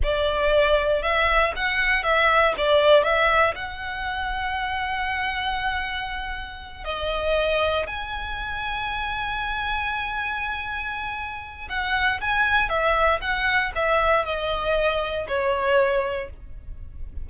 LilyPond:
\new Staff \with { instrumentName = "violin" } { \time 4/4 \tempo 4 = 118 d''2 e''4 fis''4 | e''4 d''4 e''4 fis''4~ | fis''1~ | fis''4. dis''2 gis''8~ |
gis''1~ | gis''2. fis''4 | gis''4 e''4 fis''4 e''4 | dis''2 cis''2 | }